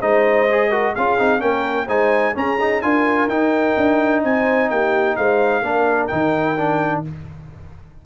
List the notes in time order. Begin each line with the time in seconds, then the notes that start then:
0.00 G#3 D#4 C5 D#5
0.51 G#4
0.69 F#4 A#4
0.94 C#4 F4 G#4 F5
1.18 C4 D#4
1.39 A#3 C#4 A#4 G5
1.86 G#3 D#4 C5 G#5
2.34 C#4 G#4 A#5
2.60 D#4
2.82 D4 F4 A#4 G#5
3.28 D#4 G5
3.77 D4
4.24 C4 C5 G#5
4.70 A#3 G4 G5
5.16 G#3 C5 F5
5.62 A#3 D4 A#4
6.07 D#3 D#4 G5
6.58 D4